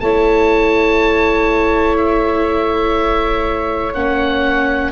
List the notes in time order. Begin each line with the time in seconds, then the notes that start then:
0.00 A3 E4 C#5 A5
1.97 E5
3.94 A#3 C#4 F#5